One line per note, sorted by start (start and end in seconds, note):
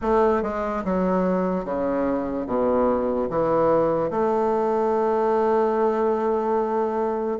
0.01 0.42 A3
0.42 0.83 G#3
0.84 1.64 F#3
1.64 2.46 C#3
2.46 3.28 B2
3.29 4.10 E3
4.10 7.39 A3